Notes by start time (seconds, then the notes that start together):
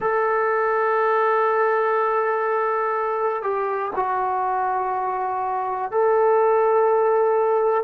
0.00 A4
3.42 G4
3.95 F#4
5.91 A4